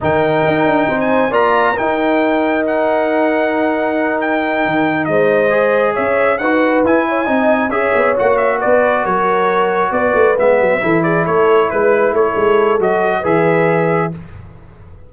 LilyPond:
<<
  \new Staff \with { instrumentName = "trumpet" } { \time 4/4 \tempo 4 = 136 g''2~ g''16 gis''8. ais''4 | g''2 fis''2~ | fis''4. g''2 dis''8~ | dis''4. e''4 fis''4 gis''8~ |
gis''4. e''4 fis''8 e''8 d''8~ | d''8 cis''2 d''4 e''8~ | e''4 d''8 cis''4 b'4 cis''8~ | cis''4 dis''4 e''2 | }
  \new Staff \with { instrumentName = "horn" } { \time 4/4 ais'2 c''4 d''4 | ais'1~ | ais'2.~ ais'8 c''8~ | c''4. cis''4 b'4. |
cis''8 dis''4 cis''2 b'8~ | b'8 ais'2 b'4.~ | b'8 a'8 gis'8 a'4 b'4 a'8~ | a'2 b'2 | }
  \new Staff \with { instrumentName = "trombone" } { \time 4/4 dis'2. f'4 | dis'1~ | dis'1~ | dis'8 gis'2 fis'4 e'8~ |
e'8 dis'4 gis'4 fis'4.~ | fis'2.~ fis'8 b8~ | b8 e'2.~ e'8~ | e'4 fis'4 gis'2 | }
  \new Staff \with { instrumentName = "tuba" } { \time 4/4 dis4 dis'8 d'8 c'4 ais4 | dis'1~ | dis'2~ dis'8 dis4 gis8~ | gis4. cis'4 dis'4 e'8~ |
e'8 c'4 cis'8 b8 ais4 b8~ | b8 fis2 b8 a8 gis8 | fis8 e4 a4 gis4 a8 | gis4 fis4 e2 | }
>>